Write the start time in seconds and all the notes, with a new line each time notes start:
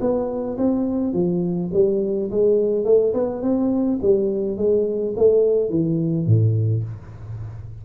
0.00 B3
0.57 C4
1.13 F3
1.73 G3
2.31 G#3
2.84 A3
3.13 B3
3.42 C4
4.02 G3
4.57 G#3
5.16 A3
5.69 E3
6.26 A2